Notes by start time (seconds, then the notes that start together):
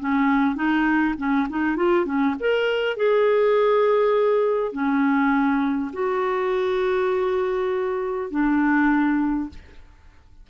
0.00 C#4
0.56 D#4
1.18 C#4
1.50 D#4
1.77 F4
2.06 C#4
2.40 A#4
2.97 G#4
4.73 C#4
5.94 F#4
8.31 D4